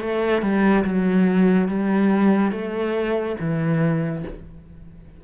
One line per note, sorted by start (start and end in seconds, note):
0.00 0.42 A3
0.42 0.84 G3
0.84 1.68 F#3
1.68 2.52 G3
2.52 3.36 A3
3.40 4.24 E3